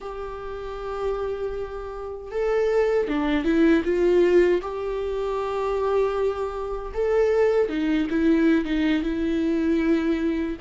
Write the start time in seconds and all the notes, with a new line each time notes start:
0.00 G4
2.31 A4
3.07 D4
3.44 E4
3.84 F4
4.62 G4
6.93 A4
7.69 D#4
8.10 E4
8.65 D#4
9.02 E4